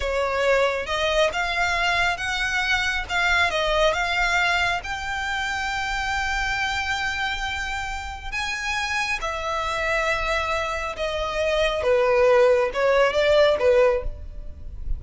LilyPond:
\new Staff \with { instrumentName = "violin" } { \time 4/4 \tempo 4 = 137 cis''2 dis''4 f''4~ | f''4 fis''2 f''4 | dis''4 f''2 g''4~ | g''1~ |
g''2. gis''4~ | gis''4 e''2.~ | e''4 dis''2 b'4~ | b'4 cis''4 d''4 b'4 | }